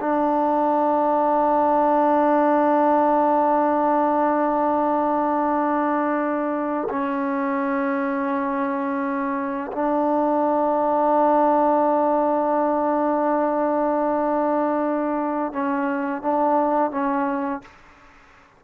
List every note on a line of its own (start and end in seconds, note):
0.00 6.88 D4
6.89 9.72 C#4
9.72 15.52 D4
15.52 16.22 C#4
16.22 16.91 D4
16.91 17.61 C#4